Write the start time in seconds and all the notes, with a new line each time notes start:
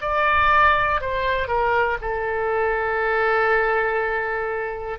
0.00 D5
1.00 C5
1.47 A#4
2.01 A4